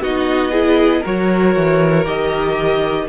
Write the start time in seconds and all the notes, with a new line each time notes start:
0.00 B3 D#4 F#4 D#5
0.50 E4 G#4
1.00 F#3 F#4 A#4 C#5
1.56 E3
2.04 D#3 G4 D#5